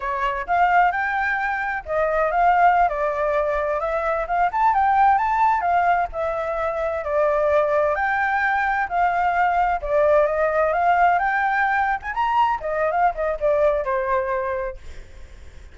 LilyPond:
\new Staff \with { instrumentName = "flute" } { \time 4/4 \tempo 4 = 130 cis''4 f''4 g''2 | dis''4 f''4~ f''16 d''4.~ d''16~ | d''16 e''4 f''8 a''8 g''4 a''8.~ | a''16 f''4 e''2 d''8.~ |
d''4~ d''16 g''2 f''8.~ | f''4~ f''16 d''4 dis''4 f''8.~ | f''16 g''4.~ g''16 gis''16 ais''4 dis''8. | f''8 dis''8 d''4 c''2 | }